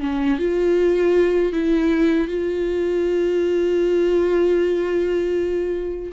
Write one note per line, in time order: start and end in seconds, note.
0.00 0.38 C#4
0.38 1.52 F4
1.52 2.28 E4
2.28 6.12 F4